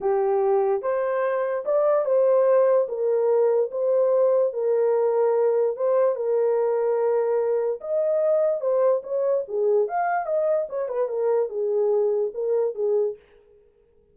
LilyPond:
\new Staff \with { instrumentName = "horn" } { \time 4/4 \tempo 4 = 146 g'2 c''2 | d''4 c''2 ais'4~ | ais'4 c''2 ais'4~ | ais'2 c''4 ais'4~ |
ais'2. dis''4~ | dis''4 c''4 cis''4 gis'4 | f''4 dis''4 cis''8 b'8 ais'4 | gis'2 ais'4 gis'4 | }